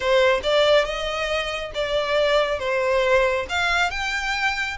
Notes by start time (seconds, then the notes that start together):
0.00 C5
0.43 D5
0.84 D#5
1.74 D5
2.59 C5
3.49 F5
3.90 G5